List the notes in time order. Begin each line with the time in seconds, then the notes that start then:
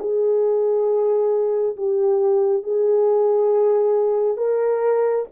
0.00 G#4
1.77 G4
2.64 G#4
4.38 A#4